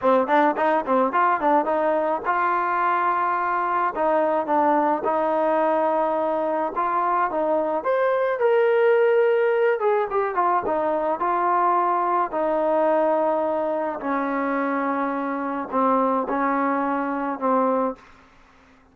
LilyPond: \new Staff \with { instrumentName = "trombone" } { \time 4/4 \tempo 4 = 107 c'8 d'8 dis'8 c'8 f'8 d'8 dis'4 | f'2. dis'4 | d'4 dis'2. | f'4 dis'4 c''4 ais'4~ |
ais'4. gis'8 g'8 f'8 dis'4 | f'2 dis'2~ | dis'4 cis'2. | c'4 cis'2 c'4 | }